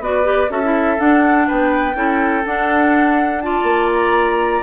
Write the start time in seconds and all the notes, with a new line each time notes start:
0.00 B3 F#4 B4 D5
0.24 G4
0.50 C#4 F#4 A4 E5
0.63 E4
0.98 D4 F#5
1.47 B3 B4 G5
1.95 C#4 E4 A4
2.46 D4 F#5
3.42 F4 D5 A5
3.63 A#3
3.94 A#5